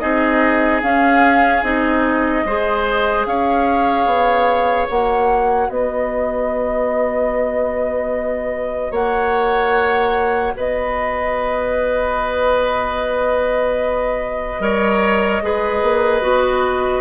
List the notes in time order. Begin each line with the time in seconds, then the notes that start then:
0.00 C4 D#4 G#4 D#5
0.83 C#4 F5
1.63 C4 D#4 D#5
2.45 G#3 G#4 C5
3.26 C#4 C#5 F5
4.06 B3
4.89 A#3 F#4 F#5
5.69 B3 B4 D#5
8.91 A#3 C#5 F#5
10.57 B3 B4 D#5
14.60 G3 A#4 C#5
15.43 G#3 G#4 B4
15.82 A#3
16.22 B3 F#4